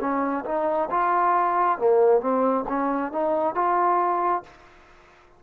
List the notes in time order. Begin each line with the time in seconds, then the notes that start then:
0.00 C#4
0.45 D#4
0.90 F4
1.78 A#3
2.21 C4
2.68 C#4
3.12 D#4
3.55 F4